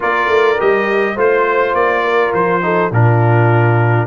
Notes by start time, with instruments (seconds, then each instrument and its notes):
0.00 tuba A#3, trombone F4, horn A#4, trumpet D5
0.28 tuba A3
0.58 tuba G3, trombone G4, trumpet D#5
1.15 tuba A3, trombone F4, horn C5, trumpet C5
1.74 tuba A#3, trumpet D5
2.04 horn A#4
2.33 tuba F3, trumpet C5
2.61 trombone D#4, horn A4
2.91 tuba A#2, trombone D4, horn F4, trumpet A#4